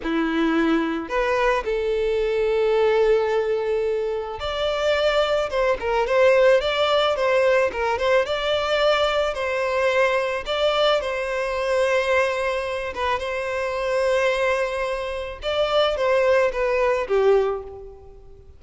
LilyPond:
\new Staff \with { instrumentName = "violin" } { \time 4/4 \tempo 4 = 109 e'2 b'4 a'4~ | a'1 | d''2 c''8 ais'8 c''4 | d''4 c''4 ais'8 c''8 d''4~ |
d''4 c''2 d''4 | c''2.~ c''8 b'8 | c''1 | d''4 c''4 b'4 g'4 | }